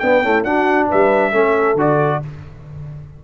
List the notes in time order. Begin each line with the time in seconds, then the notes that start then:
0.00 B3 D4 G5
0.23 A3 C#4 E4
0.44 D4 F#4 F#5
0.89 G3 B4 E5
1.32 A3 C#4 A4
1.75 D3 F#4 D5